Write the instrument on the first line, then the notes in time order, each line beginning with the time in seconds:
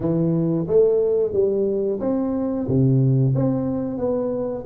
tuba
0.00 E3
0.67 A3
1.33 G3
2.00 C4
2.67 C3
3.35 C4
3.98 B3